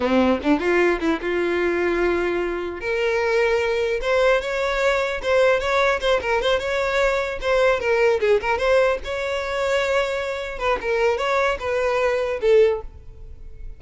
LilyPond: \new Staff \with { instrumentName = "violin" } { \time 4/4 \tempo 4 = 150 c'4 d'8 f'4 e'8 f'4~ | f'2. ais'4~ | ais'2 c''4 cis''4~ | cis''4 c''4 cis''4 c''8 ais'8 |
c''8 cis''2 c''4 ais'8~ | ais'8 gis'8 ais'8 c''4 cis''4.~ | cis''2~ cis''8 b'8 ais'4 | cis''4 b'2 a'4 | }